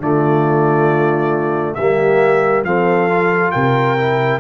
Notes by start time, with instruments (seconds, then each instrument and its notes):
0.00 tuba D3, trombone A3, horn F4, trumpet D5
1.74 tuba G3, trombone A#3, horn G4, trumpet E5
2.64 tuba F3, trombone C4, horn A4, trumpet F5
3.09 trombone F4
3.51 tuba C3, horn A#4, trumpet G5
3.98 trombone E4